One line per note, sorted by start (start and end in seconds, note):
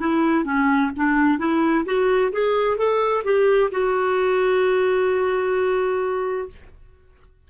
0.00 0.45 E4
0.45 0.91 C#4
0.97 1.39 D4
1.39 1.85 E4
1.86 2.32 F#4
2.32 2.78 G#4
2.78 3.24 A4
3.24 3.70 G4
3.71 6.48 F#4